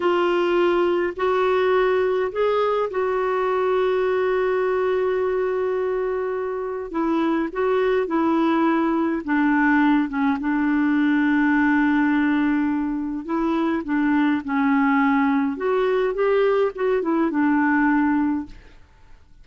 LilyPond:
\new Staff \with { instrumentName = "clarinet" } { \time 4/4 \tempo 4 = 104 f'2 fis'2 | gis'4 fis'2.~ | fis'1 | e'4 fis'4 e'2 |
d'4. cis'8 d'2~ | d'2. e'4 | d'4 cis'2 fis'4 | g'4 fis'8 e'8 d'2 | }